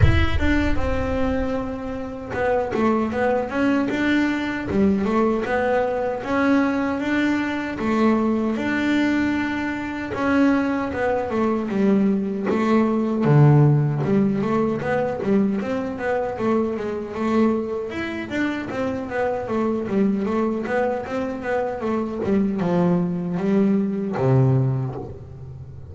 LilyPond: \new Staff \with { instrumentName = "double bass" } { \time 4/4 \tempo 4 = 77 e'8 d'8 c'2 b8 a8 | b8 cis'8 d'4 g8 a8 b4 | cis'4 d'4 a4 d'4~ | d'4 cis'4 b8 a8 g4 |
a4 d4 g8 a8 b8 g8 | c'8 b8 a8 gis8 a4 e'8 d'8 | c'8 b8 a8 g8 a8 b8 c'8 b8 | a8 g8 f4 g4 c4 | }